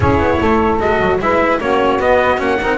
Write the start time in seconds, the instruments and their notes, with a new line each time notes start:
0.00 double bass C#4, cello E4, saxophone G#4, trumpet C#5
0.19 double bass B3
0.39 double bass A3, saxophone A4
0.79 double bass G#3, cello F#4, trumpet D#5
1.00 double bass F#3
1.19 double bass G#3, cello E4, saxophone B4, trumpet E5
1.60 double bass A#3, cello C#4, saxophone F#4, trumpet C#5
1.99 cello B3, double bass B3, trumpet D#5
2.37 double bass A#3, cello C#4, trumpet F#5
2.59 double bass C4, cello D#4, saxophone A#4